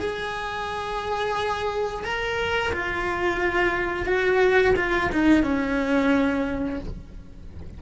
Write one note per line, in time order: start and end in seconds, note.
0.00 2.04 G#4
2.04 2.72 A#4
2.72 4.06 F4
4.06 4.74 F#4
4.76 5.10 F4
5.12 5.43 D#4
5.43 6.79 C#4